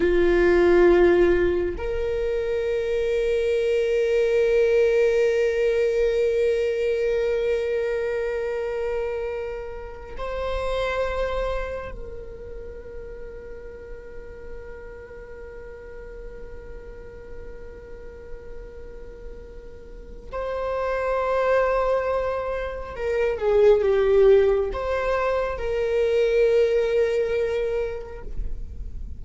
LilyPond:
\new Staff \with { instrumentName = "viola" } { \time 4/4 \tempo 4 = 68 f'2 ais'2~ | ais'1~ | ais'2.~ ais'8 c''8~ | c''4. ais'2~ ais'8~ |
ais'1~ | ais'2. c''4~ | c''2 ais'8 gis'8 g'4 | c''4 ais'2. | }